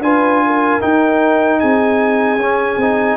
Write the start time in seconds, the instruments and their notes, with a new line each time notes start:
0.00 tuba D4, trombone F4, horn B4, trumpet G#5
0.46 horn A#4
0.81 trombone D#4, tuba D#4, trumpet G5
1.60 tuba C4, horn G#4, trumpet G#5
2.37 tuba C#4, trombone C#4
2.77 tuba C4, trombone D#4